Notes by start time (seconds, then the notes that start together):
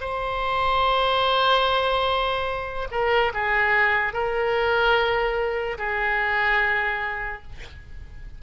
0.00 C5
2.91 A#4
3.33 G#4
4.13 A#4
5.78 G#4